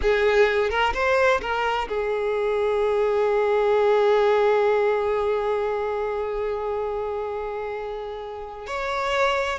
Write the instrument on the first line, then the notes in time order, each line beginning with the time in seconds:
violin
0.01 G#4
0.69 A#4
0.93 C5
1.41 A#4
1.88 G#4
8.66 C#5